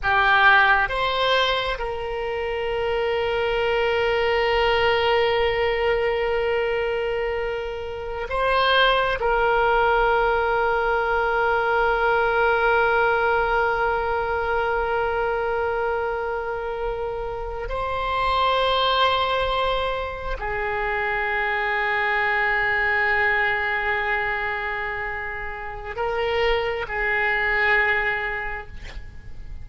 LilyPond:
\new Staff \with { instrumentName = "oboe" } { \time 4/4 \tempo 4 = 67 g'4 c''4 ais'2~ | ais'1~ | ais'4~ ais'16 c''4 ais'4.~ ais'16~ | ais'1~ |
ais'2.~ ais'8. c''16~ | c''2~ c''8. gis'4~ gis'16~ | gis'1~ | gis'4 ais'4 gis'2 | }